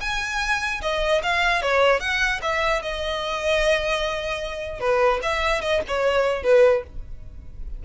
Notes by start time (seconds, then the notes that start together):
0.00 G#5
0.81 D#5
1.22 F5
1.62 C#5
2.00 F#5
2.42 E5
2.82 D#5
4.79 B4
5.22 E5
5.61 D#5
5.87 C#5
6.43 B4